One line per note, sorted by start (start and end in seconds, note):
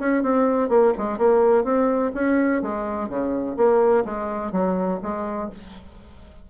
0.00 0.24 C#4
0.24 0.69 C4
0.69 0.93 A#3
0.98 1.18 G#3
1.18 1.65 A#3
1.65 2.12 C4
2.15 2.62 C#4
2.62 3.09 G#3
3.09 3.57 C#3
3.57 4.05 A#3
4.05 4.53 G#3
4.53 5.00 F#3
5.03 5.51 G#3